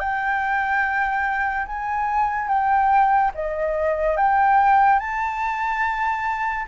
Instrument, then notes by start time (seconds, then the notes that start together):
flute
0.00 G5
1.67 G#5
2.48 G5
3.35 D#5
4.17 G5
4.99 A5